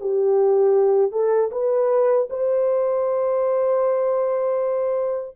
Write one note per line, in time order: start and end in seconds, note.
0.00 1.12 G4
1.12 1.50 A4
1.51 2.28 B4
2.30 5.36 C5